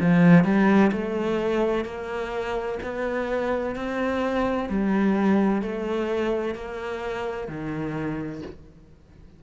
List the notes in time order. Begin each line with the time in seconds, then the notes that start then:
0.00 F3
0.44 G3
0.92 A3
1.85 A#3
2.83 B3
3.76 C4
4.69 G3
5.62 A3
6.55 A#3
7.48 D#3